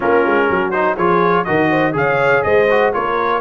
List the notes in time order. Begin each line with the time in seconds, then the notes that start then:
0.00 A#3 C#4 F4 A#4
0.25 G#3
0.49 F#3 F#4
0.71 D#4 C5
0.96 F3 F4 G#4 C#5
1.44 D#3 F#4 A#4 D#5
1.69 C5
1.93 C#3 G#4 C#5 F5
2.42 G#3 C5 D#5
2.70 F#4
2.93 A#3 F4 A#4 C#5